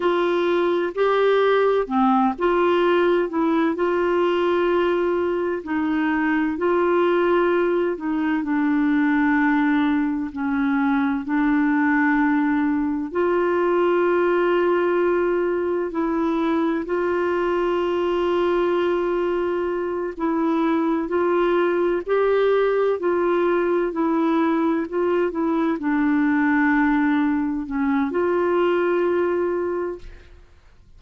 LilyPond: \new Staff \with { instrumentName = "clarinet" } { \time 4/4 \tempo 4 = 64 f'4 g'4 c'8 f'4 e'8 | f'2 dis'4 f'4~ | f'8 dis'8 d'2 cis'4 | d'2 f'2~ |
f'4 e'4 f'2~ | f'4. e'4 f'4 g'8~ | g'8 f'4 e'4 f'8 e'8 d'8~ | d'4. cis'8 f'2 | }